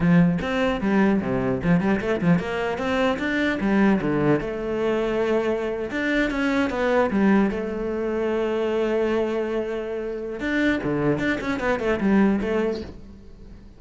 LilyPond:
\new Staff \with { instrumentName = "cello" } { \time 4/4 \tempo 4 = 150 f4 c'4 g4 c4 | f8 g8 a8 f8 ais4 c'4 | d'4 g4 d4 a4~ | a2~ a8. d'4 cis'16~ |
cis'8. b4 g4 a4~ a16~ | a1~ | a2 d'4 d4 | d'8 cis'8 b8 a8 g4 a4 | }